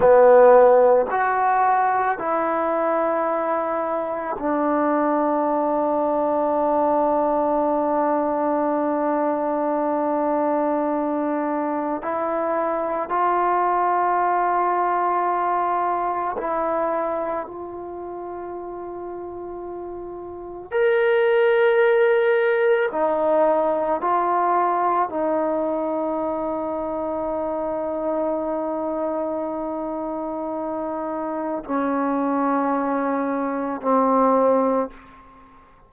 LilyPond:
\new Staff \with { instrumentName = "trombone" } { \time 4/4 \tempo 4 = 55 b4 fis'4 e'2 | d'1~ | d'2. e'4 | f'2. e'4 |
f'2. ais'4~ | ais'4 dis'4 f'4 dis'4~ | dis'1~ | dis'4 cis'2 c'4 | }